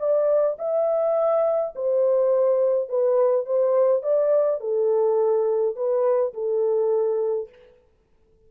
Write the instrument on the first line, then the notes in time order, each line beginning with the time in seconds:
horn
0.00 D5
0.59 E5
1.76 C5
2.90 B4
3.46 C5
4.03 D5
4.61 A4
5.76 B4
6.34 A4